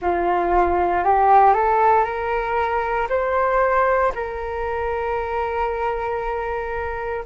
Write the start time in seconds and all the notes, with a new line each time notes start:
0.01 F4
1.03 G4
1.53 A4
2.04 A#4
3.08 C5
4.14 A#4